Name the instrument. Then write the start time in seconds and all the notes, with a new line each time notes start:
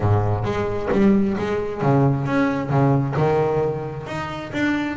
double bass
0.00 G#2
0.44 G#3
0.91 G3
1.38 G#3
1.81 C#3
2.26 C#4
2.69 C#3
3.16 D#3
4.06 D#4
4.53 D4